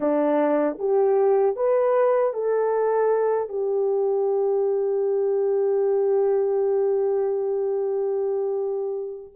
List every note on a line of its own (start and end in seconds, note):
0.00 0.77 D4
0.79 1.55 G4
1.55 2.33 B4
2.33 3.49 A4
3.49 9.33 G4